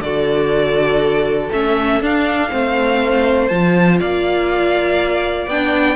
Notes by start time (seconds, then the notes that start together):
0.00 D3 F#4 A4 D5
1.52 A3 C#4 E5
2.00 D4 F5
2.49 A3 C4 C5
3.47 F3 F4 A5
3.99 A#3 D5 F5
5.47 B3 D4 G5